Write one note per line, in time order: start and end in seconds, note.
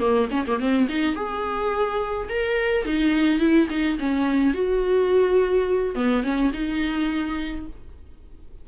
0.00 0.28 A#3
0.31 0.45 C#4
0.47 0.60 A#3
0.60 0.88 C4
0.89 1.15 D#4
1.15 2.28 G#4
2.29 2.85 A#4
2.85 3.39 D#4
3.39 3.68 E4
3.70 3.98 D#4
3.99 4.54 C#4
4.54 5.95 F#4
5.95 6.23 B3
6.23 6.51 C#4
6.53 7.66 D#4